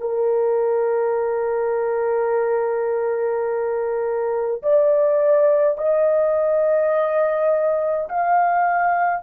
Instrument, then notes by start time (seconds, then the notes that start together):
horn
0.00 A#4
4.62 D5
5.77 D#5
8.09 F5